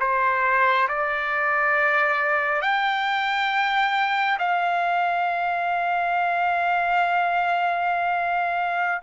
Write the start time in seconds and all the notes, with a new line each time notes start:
0.00 C5
0.88 D5
2.61 G5
4.39 F5